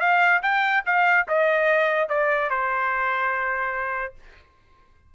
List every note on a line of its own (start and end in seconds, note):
0.00 0.41 F5
0.42 0.83 G5
0.85 1.26 F5
1.28 2.09 D#5
2.09 2.50 D5
2.50 4.14 C5